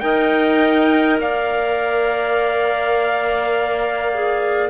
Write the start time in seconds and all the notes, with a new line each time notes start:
0.00 D#4 A#4 D#5 G5
1.19 A#3 D5 F5
4.13 G#4